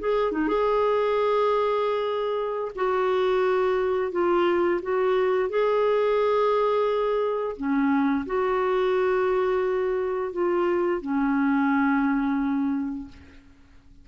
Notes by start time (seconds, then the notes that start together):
0.00 G#4
0.32 D#4
0.48 G#4
2.76 F#4
4.12 F4
4.82 F#4
5.50 G#4
7.57 C#4
8.26 F#4
10.33 F4
11.02 C#4